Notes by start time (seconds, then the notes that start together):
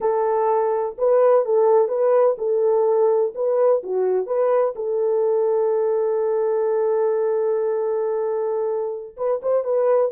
0.01 A4
0.97 B4
1.45 A4
1.88 B4
2.38 A4
3.35 B4
3.83 F#4
4.26 B4
4.75 A4
9.16 B4
9.42 C5
9.64 B4